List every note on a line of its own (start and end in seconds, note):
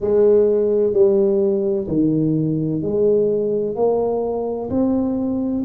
0.00 0.93 G#3
0.93 1.87 G3
1.87 2.81 D#3
2.81 3.75 G#3
3.75 4.69 A#3
4.70 5.63 C4